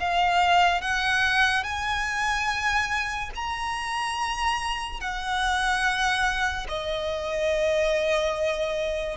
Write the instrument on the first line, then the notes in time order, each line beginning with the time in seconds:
violin
0.00 F5
0.81 F#5
1.64 G#5
3.35 A#5
5.00 F#5
6.69 D#5